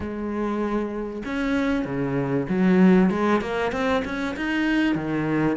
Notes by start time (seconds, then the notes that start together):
0.00 G#3
1.25 C#4
1.85 C#3
2.49 F#3
3.10 G#3
3.41 A#3
3.72 C4
4.04 C#4
4.36 D#4
4.95 D#3